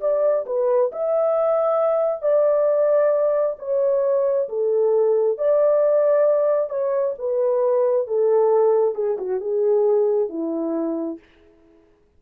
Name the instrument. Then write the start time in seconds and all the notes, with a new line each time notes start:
horn
0.00 D5
0.46 B4
0.92 E5
2.22 D5
3.59 C#5
4.48 A4
5.38 D5
6.69 C#5
7.18 B4
8.07 A4
8.95 G#4
9.18 F#4
9.40 G#4
10.29 E4